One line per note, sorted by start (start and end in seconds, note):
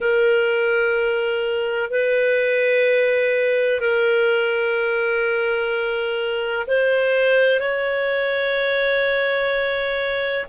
0.00 1.90 A#4
1.90 3.80 B4
3.80 6.66 A#4
6.67 7.59 C5
7.59 10.45 C#5